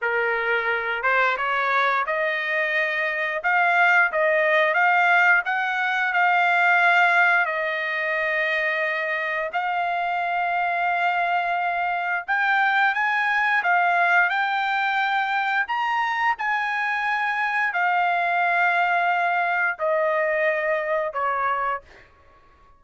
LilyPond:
\new Staff \with { instrumentName = "trumpet" } { \time 4/4 \tempo 4 = 88 ais'4. c''8 cis''4 dis''4~ | dis''4 f''4 dis''4 f''4 | fis''4 f''2 dis''4~ | dis''2 f''2~ |
f''2 g''4 gis''4 | f''4 g''2 ais''4 | gis''2 f''2~ | f''4 dis''2 cis''4 | }